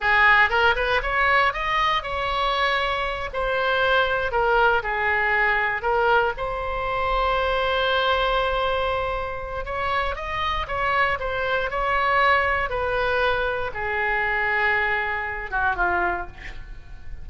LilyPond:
\new Staff \with { instrumentName = "oboe" } { \time 4/4 \tempo 4 = 118 gis'4 ais'8 b'8 cis''4 dis''4 | cis''2~ cis''8 c''4.~ | c''8 ais'4 gis'2 ais'8~ | ais'8 c''2.~ c''8~ |
c''2. cis''4 | dis''4 cis''4 c''4 cis''4~ | cis''4 b'2 gis'4~ | gis'2~ gis'8 fis'8 f'4 | }